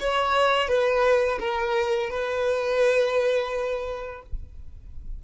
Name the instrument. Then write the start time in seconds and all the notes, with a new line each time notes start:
violin
0.00 C#5
0.68 B4
1.40 A#4
2.10 B4